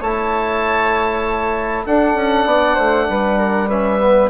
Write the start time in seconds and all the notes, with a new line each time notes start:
0.00 A3 E4 C#5 A5
1.85 D4 A4 F#5
2.14 C#4
2.45 B3 D5
2.74 A3 C5
3.09 G3 B4
3.38 A#4
3.68 C#4 B4 E5
3.99 B3